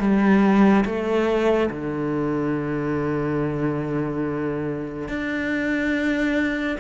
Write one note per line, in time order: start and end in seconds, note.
0.00 0.85 G3
0.85 1.70 A3
1.71 5.09 D3
5.09 6.78 D4